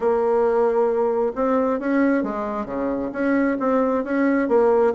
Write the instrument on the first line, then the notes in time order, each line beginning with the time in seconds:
bassoon
0.00 A#3
1.35 C4
1.79 C#4
2.23 G#3
2.65 C#3
3.12 C#4
3.59 C4
4.03 C#4
4.48 A#3